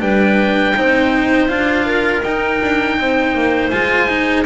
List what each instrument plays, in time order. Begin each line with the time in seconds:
0.00 double bass G3, cello D4, clarinet B4, oboe G5
0.77 double bass C4, cello D#4, clarinet C5
1.49 double bass D4, cello F4, oboe F5
1.86 clarinet A#4
2.23 double bass D#4, cello D#4, oboe G5
2.62 double bass D4
2.99 double bass C4, clarinet C5
3.34 double bass A#3
3.71 double bass G#3, cello F4, oboe G#5
4.09 cello D#4